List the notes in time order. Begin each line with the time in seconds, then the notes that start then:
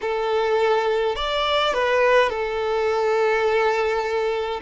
0.01 A4
1.15 D5
1.73 B4
2.29 A4